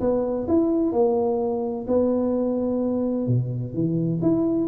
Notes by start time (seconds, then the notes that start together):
0.00 B3
0.48 E4
0.92 A#3
1.87 B3
3.27 B2
3.74 E3
4.22 E4